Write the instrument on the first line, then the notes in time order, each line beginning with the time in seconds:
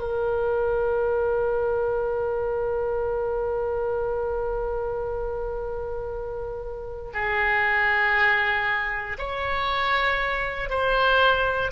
oboe
0.00 A#4
7.14 G#4
9.19 C#5
10.70 C5